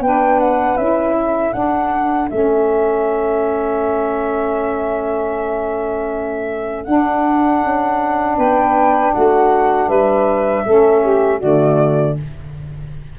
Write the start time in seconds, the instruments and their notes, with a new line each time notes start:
0.00 tuba B3, saxophone D4 B4, flute G5
0.39 flute F#5
0.77 tuba C#4, saxophone E4, flute E5
1.17 saxophone A4
1.53 saxophone D4, tuba D4, flute F#5
2.29 tuba A3, saxophone C#4, flute E5
6.84 saxophone D4, tuba D4, flute F#5
7.63 tuba C#4
8.37 tuba B3, saxophone B4, flute G5
9.14 tuba A3, saxophone F#4, flute F#5
9.88 tuba G3, saxophone B4, flute E5
10.66 tuba A3, saxophone C#4 A4
11.02 saxophone G4
11.38 tuba D3, saxophone A3 F#4, flute D5